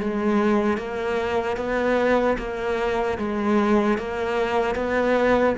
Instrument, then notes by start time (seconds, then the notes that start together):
cello
0.00 G#3
0.78 A#3
1.57 B3
2.38 A#3
3.18 G#3
3.98 A#3
4.75 B3